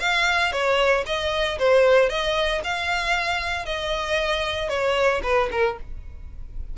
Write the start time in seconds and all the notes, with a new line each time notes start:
0.00 F5
0.52 C#5
1.06 D#5
1.59 C5
2.09 D#5
2.64 F5
3.65 D#5
4.69 C#5
5.23 B4
5.52 A#4